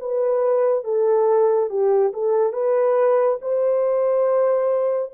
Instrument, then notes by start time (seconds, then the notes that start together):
horn
0.00 B4
0.84 A4
1.70 G4
2.14 A4
2.53 B4
3.42 C5